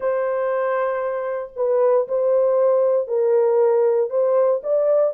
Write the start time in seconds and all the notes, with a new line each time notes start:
0.00 C5
1.56 B4
2.08 C5
3.07 A#4
4.09 C5
4.63 D5